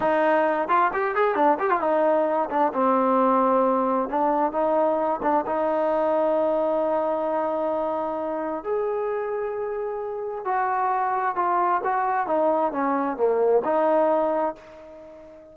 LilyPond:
\new Staff \with { instrumentName = "trombone" } { \time 4/4 \tempo 4 = 132 dis'4. f'8 g'8 gis'8 d'8 g'16 f'16 | dis'4. d'8 c'2~ | c'4 d'4 dis'4. d'8 | dis'1~ |
dis'2. gis'4~ | gis'2. fis'4~ | fis'4 f'4 fis'4 dis'4 | cis'4 ais4 dis'2 | }